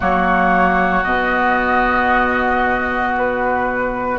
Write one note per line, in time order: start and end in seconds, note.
0.00 1.04 F#3
0.00 1.04 A#3
0.00 4.18 F#4
0.00 1.03 C#5
1.03 4.18 B2
1.03 4.18 B3
1.03 3.14 D#5
3.17 4.18 B4